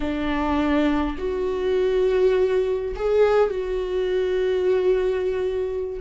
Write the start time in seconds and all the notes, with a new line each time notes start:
0.00 D4
1.18 F#4
2.95 G#4
3.50 F#4